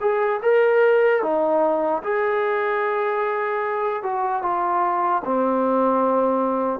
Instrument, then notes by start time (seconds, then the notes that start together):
trombone
0.00 G#4
0.42 A#4
1.22 D#4
2.03 G#4
4.03 F#4
4.42 F4
5.24 C4